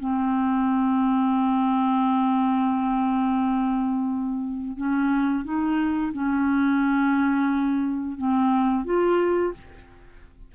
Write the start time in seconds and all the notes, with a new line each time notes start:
0.00 C4
4.78 C#4
5.45 D#4
6.14 C#4
8.18 C4
8.85 F4